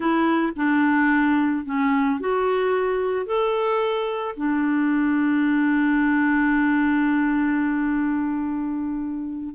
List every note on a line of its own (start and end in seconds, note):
0.00 0.53 E4
0.56 1.65 D4
1.65 2.19 C#4
2.19 3.26 F#4
3.26 4.35 A4
4.36 9.54 D4